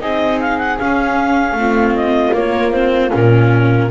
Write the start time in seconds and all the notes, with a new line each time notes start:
0.00 C4 D#4 G#4 D#5
0.41 F5
0.59 F#5
0.79 C#4 F5
1.52 A3
1.59 C4 F4
1.96 D#5
2.33 A#3 C#5
2.72 C4 C5
3.11 A#2 C#4 A#4